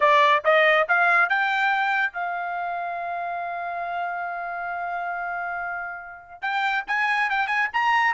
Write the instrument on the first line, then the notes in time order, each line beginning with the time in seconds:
trumpet
0.00 D5
0.44 D#5
0.88 F5
1.29 G5
2.13 F5
6.41 G5
6.87 G#5
7.30 G5
7.47 G#5
7.73 A#5